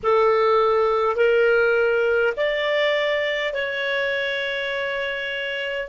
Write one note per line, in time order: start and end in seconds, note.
0.03 1.16 A4
1.16 2.33 A#4
2.36 3.53 D5
3.53 5.88 C#5